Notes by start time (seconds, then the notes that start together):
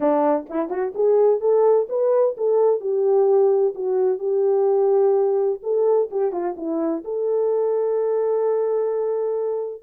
0.00 D4
0.49 E4
0.69 F#4
0.95 G#4
1.40 A4
1.89 B4
2.37 A4
2.80 G4
3.74 F#4
4.18 G4
5.62 A4
6.10 G4
6.32 F4
6.56 E4
7.04 A4